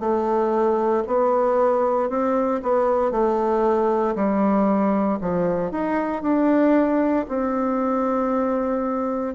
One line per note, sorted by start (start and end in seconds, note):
0.00 1.03 A3
1.07 2.09 B3
2.09 2.61 C4
2.63 3.12 B3
3.12 4.15 A3
4.16 5.19 G3
5.21 5.72 F3
5.72 6.23 D#4
6.23 7.26 D4
7.29 9.35 C4